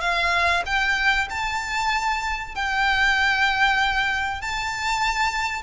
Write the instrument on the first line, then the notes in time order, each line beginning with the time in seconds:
violin
0.00 F5
0.65 G5
1.30 A5
2.55 G5
4.41 A5